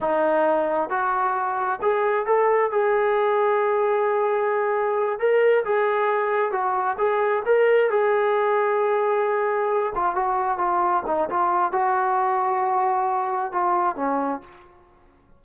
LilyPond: \new Staff \with { instrumentName = "trombone" } { \time 4/4 \tempo 4 = 133 dis'2 fis'2 | gis'4 a'4 gis'2~ | gis'2.~ gis'8 ais'8~ | ais'8 gis'2 fis'4 gis'8~ |
gis'8 ais'4 gis'2~ gis'8~ | gis'2 f'8 fis'4 f'8~ | f'8 dis'8 f'4 fis'2~ | fis'2 f'4 cis'4 | }